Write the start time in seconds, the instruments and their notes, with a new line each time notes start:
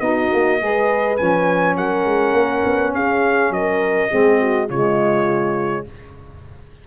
0.00 tuba B3, saxophone D#4, horn F#4, trumpet D#5
0.33 tuba A#3
0.60 tuba G#3, saxophone G#4, horn B4
1.17 tuba F3, saxophone C#4, trumpet G#5
1.77 tuba F#3, horn A#4, trumpet F#5
2.05 tuba G#3
2.33 tuba A#3
2.65 tuba B3
2.94 tuba C#4, horn G#4, trumpet F5
3.50 tuba F#3, horn A#4, trumpet D#5
4.09 tuba G#3, saxophone C4, horn G#4
4.40 horn F#4
4.68 tuba C#3, saxophone G#3, horn F4, trumpet C#5